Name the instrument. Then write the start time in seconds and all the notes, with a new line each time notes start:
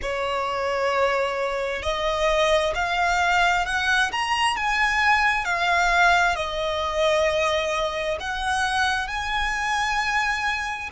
violin
0.02 C#5
1.82 D#5
2.74 F5
3.65 F#5
4.12 A#5
4.56 G#5
5.45 F5
6.35 D#5
8.19 F#5
9.07 G#5